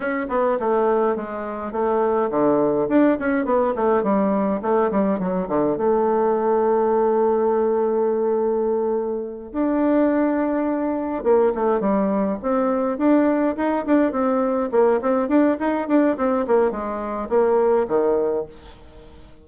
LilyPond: \new Staff \with { instrumentName = "bassoon" } { \time 4/4 \tempo 4 = 104 cis'8 b8 a4 gis4 a4 | d4 d'8 cis'8 b8 a8 g4 | a8 g8 fis8 d8 a2~ | a1~ |
a8 d'2. ais8 | a8 g4 c'4 d'4 dis'8 | d'8 c'4 ais8 c'8 d'8 dis'8 d'8 | c'8 ais8 gis4 ais4 dis4 | }